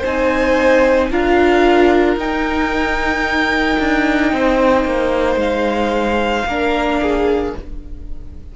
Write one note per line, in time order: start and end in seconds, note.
0.00 1.11 C4
0.00 1.07 C5
0.00 1.12 G#5
0.06 1.12 D#4
1.11 2.16 D4
1.11 2.19 F4
1.11 4.33 A#4
1.11 2.19 F5
2.16 3.77 D#4
2.16 6.47 D#4
2.16 5.40 G5
3.79 4.32 D4
4.32 4.85 C4
4.32 6.48 C5
4.85 5.36 A#3
5.36 6.43 G#3
5.36 7.54 F5
6.46 7.53 A#3
6.46 7.56 D4
6.46 7.01 A#4
7.02 7.56 G#4